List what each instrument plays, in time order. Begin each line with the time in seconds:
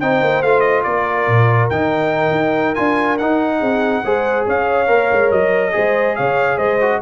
0.00 tuba C4, trombone D#4, horn C5, trumpet G5
0.22 tuba A#3
0.42 tuba A3, trombone F4, trumpet F5
0.60 trumpet D#5
0.83 tuba A#3, horn A#4, trumpet D5
1.27 tuba A#2
1.70 tuba D#3, trombone D#4, trumpet G5
2.31 tuba D#4
2.75 tuba D4, trombone F4, trumpet G#5
3.18 tuba D#4, trombone D#4, trumpet F#5
3.60 tuba C4, horn G#4
4.04 tuba G#3, trombone G#4, horn C5
4.46 tuba C#4, horn C#5, trumpet F5
4.87 tuba A#3, trombone A#4
5.12 tuba G#3
5.31 tuba F#3, trumpet D#5
5.72 tuba G#3, trombone G#4, horn C5
6.15 tuba C#3, horn C#5, trumpet F5
6.57 tuba G#3, horn C5, trumpet D#5
6.81 trombone F#4